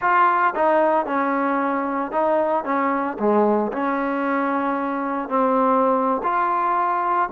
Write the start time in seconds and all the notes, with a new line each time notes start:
0.01 F4
0.55 D#4
1.06 C#4
2.11 D#4
2.64 C#4
3.19 G#3
3.72 C#4
5.28 C4
6.23 F4